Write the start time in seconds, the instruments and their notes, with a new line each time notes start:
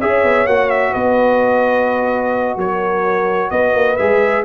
0.00 tuba C#4, trombone G#4, horn C#5, trumpet E5
0.24 tuba B3
0.46 tuba A#3, trombone F#4, trumpet F#5
0.70 trumpet E5
0.91 tuba B3, horn B4, trumpet D#5
2.57 tuba F#3, horn A#4, trumpet C#5
3.50 tuba B3, horn B4, trumpet D#5
3.74 tuba A#3
3.96 tuba G#3, trombone G#4, trumpet E5